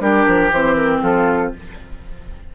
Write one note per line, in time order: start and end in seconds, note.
0.00 0.25 G3
0.00 0.51 D4
0.00 1.02 G4
0.00 0.52 A#4
0.27 0.51 F3
0.51 1.02 E3
0.51 1.55 C4
0.51 0.76 C5
0.76 1.01 A#4
1.02 1.52 F3
1.02 1.52 F4
1.02 1.53 A4